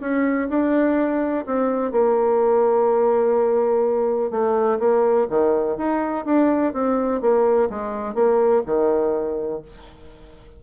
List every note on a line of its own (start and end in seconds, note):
0.00 0.48 C#4
0.49 1.45 D4
1.46 1.91 C4
1.91 4.30 A#3
4.30 4.78 A3
4.79 5.27 A#3
5.29 5.77 D#3
5.77 6.25 D#4
6.25 6.73 D4
6.73 7.21 C4
7.21 7.69 A#3
7.69 8.14 G#3
8.14 8.62 A#3
8.66 9.62 D#3